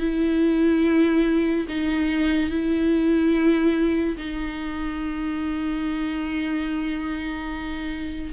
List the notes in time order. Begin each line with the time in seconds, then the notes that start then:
0.00 E4
1.69 D#4
2.50 E4
4.18 D#4